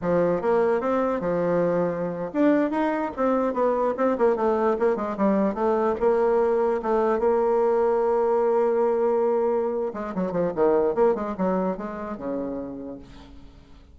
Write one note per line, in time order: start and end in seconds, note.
0.01 0.41 F3
0.41 0.81 A#3
0.81 1.20 C4
1.20 2.31 F3
2.33 2.71 D4
2.71 3.11 D#4
3.16 3.53 C4
3.53 3.94 B3
3.97 4.17 C4
4.18 4.36 A#3
4.36 4.76 A3
4.79 4.96 A#3
4.96 5.16 G#3
5.17 5.54 G3
5.54 5.95 A3
6.00 6.81 A#3
6.82 7.19 A3
7.19 9.93 A#3
9.93 10.14 G#3
10.14 10.32 F#3
10.32 10.52 F3
10.55 10.94 D#3
10.94 11.14 A#3
11.14 11.35 G#3
11.37 11.77 F#3
11.77 12.17 G#3
12.17 12.98 C#3